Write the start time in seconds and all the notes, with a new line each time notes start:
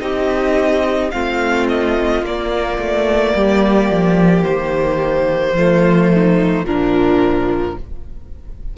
0.00 C4 D#4 G4 D#5
1.11 A3 C4 F4 F5
1.69 D#5
2.22 A#3 D5
2.78 A3
3.35 G3 G4
3.90 F3
4.43 D#3 C5
5.53 F3 A3 F4
6.13 D#4
6.64 A#2 F3 D4 A#4